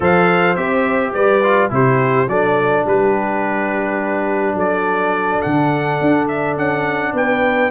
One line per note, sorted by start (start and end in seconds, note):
0.00 0.56 F3
0.00 0.56 A4
0.00 1.12 C5
0.00 0.55 F5
0.55 1.13 C4
0.55 1.42 G4
0.55 1.13 E5
1.13 1.71 G3
1.13 1.71 B4
1.13 1.70 D5
1.43 1.70 F4
1.70 2.27 C3
1.70 2.27 E4
1.70 2.29 G4
1.70 2.29 C5
2.27 2.85 F#3
2.27 7.70 D4
2.27 2.85 A4
2.27 2.86 D5
2.85 4.55 G3
2.85 4.54 G4
2.85 4.58 B4
4.54 5.40 F#3
4.54 7.12 A4
4.54 5.41 D5
5.41 6.01 D3
5.41 6.27 F#5
6.01 6.56 D4
6.27 6.56 E5
6.56 7.13 C#4
6.56 7.15 F#5
7.13 7.70 B3
7.13 7.70 B4
7.13 7.70 G5